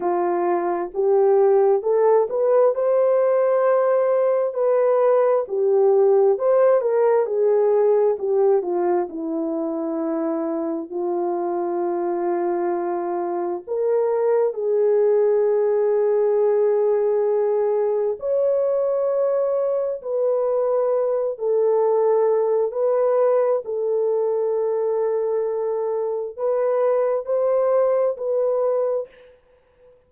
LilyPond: \new Staff \with { instrumentName = "horn" } { \time 4/4 \tempo 4 = 66 f'4 g'4 a'8 b'8 c''4~ | c''4 b'4 g'4 c''8 ais'8 | gis'4 g'8 f'8 e'2 | f'2. ais'4 |
gis'1 | cis''2 b'4. a'8~ | a'4 b'4 a'2~ | a'4 b'4 c''4 b'4 | }